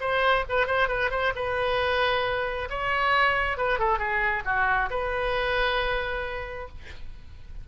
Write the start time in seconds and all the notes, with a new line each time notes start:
0.00 C5
0.49 B4
0.66 C5
0.88 B4
1.11 C5
1.35 B4
2.70 C#5
3.58 B4
3.79 A4
3.99 G#4
4.45 F#4
4.91 B4